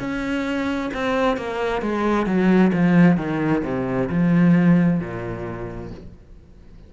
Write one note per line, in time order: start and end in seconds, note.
0.00 0.91 C#4
0.94 1.37 C4
1.37 1.82 A#3
1.82 2.26 G#3
2.26 2.72 F#3
2.74 3.17 F3
3.17 3.63 D#3
3.64 4.10 C3
4.10 5.00 F3
5.00 5.91 A#2